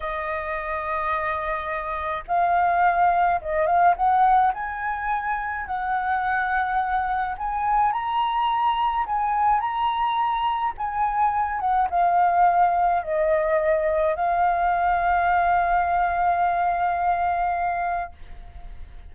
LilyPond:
\new Staff \with { instrumentName = "flute" } { \time 4/4 \tempo 4 = 106 dis''1 | f''2 dis''8 f''8 fis''4 | gis''2 fis''2~ | fis''4 gis''4 ais''2 |
gis''4 ais''2 gis''4~ | gis''8 fis''8 f''2 dis''4~ | dis''4 f''2.~ | f''1 | }